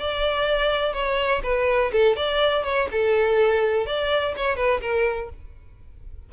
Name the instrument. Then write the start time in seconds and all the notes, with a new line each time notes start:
violin
0.00 D5
0.94 C#5
1.44 B4
1.93 A4
2.17 D5
2.64 C#5
2.92 A4
3.87 D5
4.37 C#5
4.57 B4
4.81 A#4